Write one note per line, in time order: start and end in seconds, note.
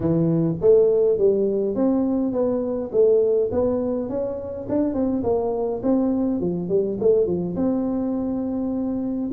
0.00 0.55 E3
0.61 1.18 A3
1.18 1.75 G3
1.75 2.32 C4
2.32 2.90 B3
2.92 3.50 A3
3.51 4.09 B3
4.09 4.67 C#4
4.68 4.94 D4
4.94 5.23 C4
5.23 5.81 A#3
5.83 6.40 C4
6.40 6.68 F3
6.68 6.97 G3
7.00 7.26 A3
7.26 7.55 F3
7.56 9.30 C4